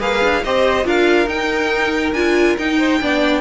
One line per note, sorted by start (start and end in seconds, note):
0.00 0.22 A#3
0.00 0.44 G#4
0.00 0.43 B4
0.00 0.44 F5
0.23 0.45 D4
0.44 0.86 C4
0.44 0.85 G4
0.44 0.86 C5
0.44 0.87 D#5
0.85 1.27 D4
0.85 1.27 F4
0.85 2.79 A#4
0.85 1.29 F5
1.27 2.13 D#4
1.27 2.14 D#4
1.27 2.14 G5
2.13 2.56 D4
2.13 2.59 F4
2.13 2.56 G#5
2.58 3.01 D#4
2.58 3.41 G5
2.79 3.00 C5
3.01 3.41 B3
3.01 3.41 D4
3.01 3.41 D5